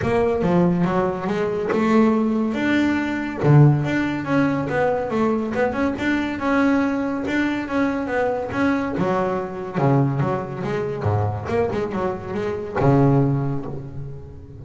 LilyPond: \new Staff \with { instrumentName = "double bass" } { \time 4/4 \tempo 4 = 141 ais4 f4 fis4 gis4 | a2 d'2 | d4 d'4 cis'4 b4 | a4 b8 cis'8 d'4 cis'4~ |
cis'4 d'4 cis'4 b4 | cis'4 fis2 cis4 | fis4 gis4 gis,4 ais8 gis8 | fis4 gis4 cis2 | }